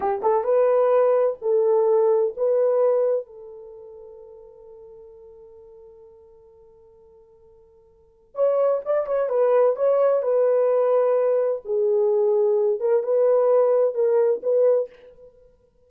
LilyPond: \new Staff \with { instrumentName = "horn" } { \time 4/4 \tempo 4 = 129 g'8 a'8 b'2 a'4~ | a'4 b'2 a'4~ | a'1~ | a'1~ |
a'2 cis''4 d''8 cis''8 | b'4 cis''4 b'2~ | b'4 gis'2~ gis'8 ais'8 | b'2 ais'4 b'4 | }